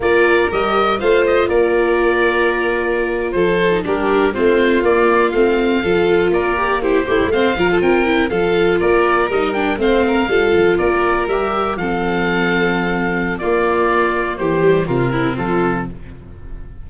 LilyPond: <<
  \new Staff \with { instrumentName = "oboe" } { \time 4/4 \tempo 4 = 121 d''4 dis''4 f''8 dis''8 d''4~ | d''2~ d''8. c''4 ais'16~ | ais'8. c''4 d''4 f''4~ f''16~ | f''8. d''4 c''4 f''4 g''16~ |
g''8. f''4 d''4 dis''8 g''8 f''16~ | f''4.~ f''16 d''4 e''4 f''16~ | f''2. d''4~ | d''4 c''4 ais'4 a'4 | }
  \new Staff \with { instrumentName = "violin" } { \time 4/4 ais'2 c''4 ais'4~ | ais'2~ ais'8. a'4 g'16~ | g'8. f'2. a'16~ | a'8. ais'4 g'8 e'8 c''8 ais'16 a'16 ais'16~ |
ais'8. a'4 ais'2 c''16~ | c''16 ais'8 a'4 ais'2 a'16~ | a'2. f'4~ | f'4 g'4 f'8 e'8 f'4 | }
  \new Staff \with { instrumentName = "viola" } { \time 4/4 f'4 g'4 f'2~ | f'2.~ f'8 dis'16 d'16~ | d'8. c'4 ais4 c'4 f'16~ | f'4~ f'16 g'8 e'8 g'8 c'8 f'8.~ |
f'16 e'8 f'2 dis'8 d'8 c'16~ | c'8. f'2 g'4 c'16~ | c'2. ais4~ | ais4. g8 c'2 | }
  \new Staff \with { instrumentName = "tuba" } { \time 4/4 ais4 g4 a4 ais4~ | ais2~ ais8. f4 g16~ | g8. a4 ais4 a4 f16~ | f8. ais4. a16 g16 a8 f8 c'16~ |
c'8. f4 ais4 g4 a16~ | a8. g8 f8 ais4 g4 f16~ | f2. ais4~ | ais4 e4 c4 f4 | }
>>